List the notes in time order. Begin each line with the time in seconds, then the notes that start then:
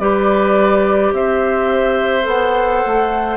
0.00 G3 G4 B4 D5
1.13 C4 C5 E5
2.23 B3 A4 F#5
2.86 A3